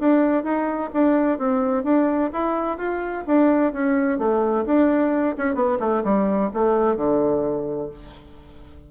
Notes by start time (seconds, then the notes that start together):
0.00 D4
0.44 D#4
0.93 D4
1.38 C4
1.84 D4
2.33 E4
2.78 F4
3.27 D4
3.73 C#4
4.18 A3
4.66 D4
5.38 C#4
5.55 B3
5.80 A3
6.04 G3
6.54 A3
6.97 D3